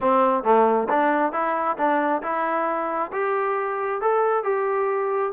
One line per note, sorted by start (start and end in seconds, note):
0.00 0.43 C4
0.43 0.88 A3
0.89 1.32 D4
1.32 1.77 E4
1.77 2.22 D4
2.22 3.11 E4
3.12 4.01 G4
4.01 4.43 A4
4.43 5.32 G4